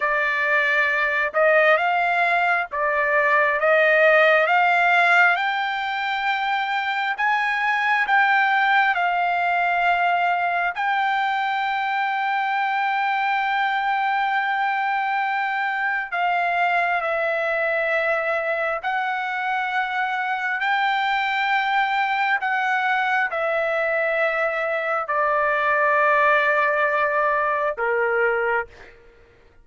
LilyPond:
\new Staff \with { instrumentName = "trumpet" } { \time 4/4 \tempo 4 = 67 d''4. dis''8 f''4 d''4 | dis''4 f''4 g''2 | gis''4 g''4 f''2 | g''1~ |
g''2 f''4 e''4~ | e''4 fis''2 g''4~ | g''4 fis''4 e''2 | d''2. ais'4 | }